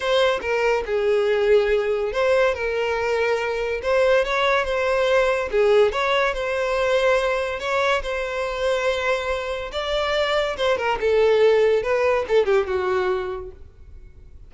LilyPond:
\new Staff \with { instrumentName = "violin" } { \time 4/4 \tempo 4 = 142 c''4 ais'4 gis'2~ | gis'4 c''4 ais'2~ | ais'4 c''4 cis''4 c''4~ | c''4 gis'4 cis''4 c''4~ |
c''2 cis''4 c''4~ | c''2. d''4~ | d''4 c''8 ais'8 a'2 | b'4 a'8 g'8 fis'2 | }